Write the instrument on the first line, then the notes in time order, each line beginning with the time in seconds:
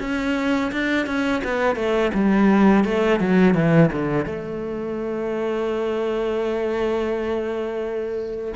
cello
0.00 C#4
0.72 D4
1.06 C#4
1.44 B3
1.76 A3
2.14 G3
2.84 A3
3.20 F#3
3.55 E3
3.92 D3
4.26 A3